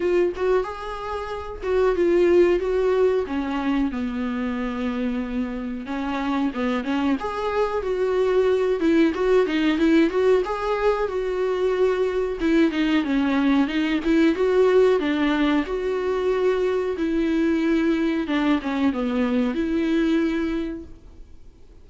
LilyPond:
\new Staff \with { instrumentName = "viola" } { \time 4/4 \tempo 4 = 92 f'8 fis'8 gis'4. fis'8 f'4 | fis'4 cis'4 b2~ | b4 cis'4 b8 cis'8 gis'4 | fis'4. e'8 fis'8 dis'8 e'8 fis'8 |
gis'4 fis'2 e'8 dis'8 | cis'4 dis'8 e'8 fis'4 d'4 | fis'2 e'2 | d'8 cis'8 b4 e'2 | }